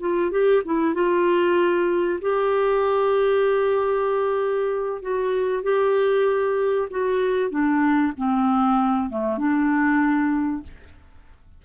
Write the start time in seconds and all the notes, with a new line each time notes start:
0.00 F4
0.31 G4
0.65 E4
0.95 F4
2.21 G4
5.02 F#4
5.63 G4
6.90 F#4
7.50 D4
8.17 C4
9.10 A3
9.38 D4